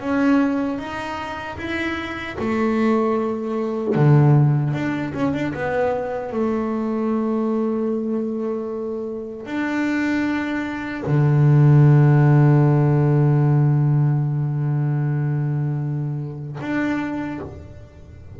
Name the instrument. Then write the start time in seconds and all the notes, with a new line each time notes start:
double bass
0.00 C#4
0.78 D#4
1.58 E4
2.39 A3
3.95 D3
4.73 D4
5.14 C#4
5.33 D4
5.53 B3
6.32 A3
9.46 D4
11.06 D3
16.61 D4